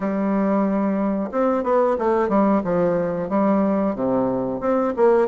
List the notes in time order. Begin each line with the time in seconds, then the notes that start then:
0.00 G3
1.31 C4
1.63 B3
1.98 A3
2.29 G3
2.63 F3
3.29 G3
3.95 C3
4.60 C4
4.96 A#3